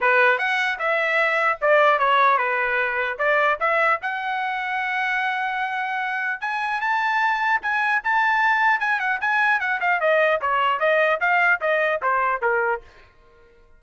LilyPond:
\new Staff \with { instrumentName = "trumpet" } { \time 4/4 \tempo 4 = 150 b'4 fis''4 e''2 | d''4 cis''4 b'2 | d''4 e''4 fis''2~ | fis''1 |
gis''4 a''2 gis''4 | a''2 gis''8 fis''8 gis''4 | fis''8 f''8 dis''4 cis''4 dis''4 | f''4 dis''4 c''4 ais'4 | }